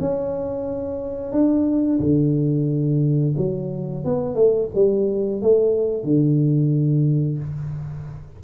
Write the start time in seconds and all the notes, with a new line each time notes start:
0.00 C#4
1.32 D4
1.99 D3
3.37 F#3
4.04 B3
4.35 A3
4.74 G3
5.42 A3
6.04 D3